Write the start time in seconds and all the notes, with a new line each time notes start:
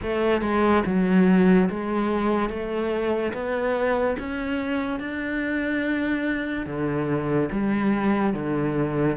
0.02 A3
0.41 G#3
0.86 F#3
1.69 G#3
2.49 A3
3.33 B3
4.19 C#4
4.99 D4
6.66 D3
7.51 G3
8.33 D3